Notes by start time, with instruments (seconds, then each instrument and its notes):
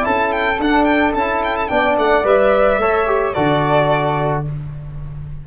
0.00 tuba C#4, trombone E4, flute A4, violin A5
0.32 violin G5
0.59 tuba D4, trombone D4, violin F#5
0.84 violin G5
1.14 tuba C#4, trombone E4, violin A5
1.44 violin G5
1.57 violin A5
1.68 tuba B3, trombone D4, flute D5, violin G5
1.98 tuba A3, violin F#5
2.24 tuba G3, trombone B4, violin E5
2.78 tuba A3, trombone A4, flute C#5
3.06 trombone G4
3.33 tuba D3, trombone F#4, flute A4, violin D5